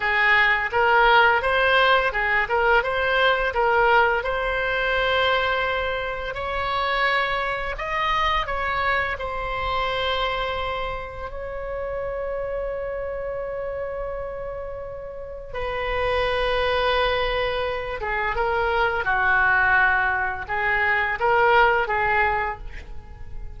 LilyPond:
\new Staff \with { instrumentName = "oboe" } { \time 4/4 \tempo 4 = 85 gis'4 ais'4 c''4 gis'8 ais'8 | c''4 ais'4 c''2~ | c''4 cis''2 dis''4 | cis''4 c''2. |
cis''1~ | cis''2 b'2~ | b'4. gis'8 ais'4 fis'4~ | fis'4 gis'4 ais'4 gis'4 | }